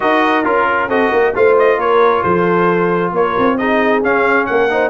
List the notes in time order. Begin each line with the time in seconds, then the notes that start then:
0.00 D#4 F#4 A#4 D#5
0.44 C#4 F4 A#4
0.88 C4 F#4 A4 D#5
1.10 A#3 A#4
1.34 A3 F4 C5 F5
1.58 D#5
1.77 A#3 A#4 C#5
2.22 F3 A4 C5
3.12 A#3 A#4 C#5
3.38 C4
3.57 D#4 G#4 D#5
4.02 C#4 F5
4.46 A#3 A#4 F#5
4.69 D#4 C5